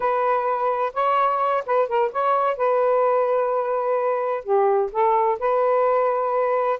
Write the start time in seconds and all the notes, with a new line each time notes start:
0.00 B4
0.93 C#5
1.66 B4
1.88 A#4
2.12 C#5
2.57 B4
4.43 G4
4.92 A4
5.39 B4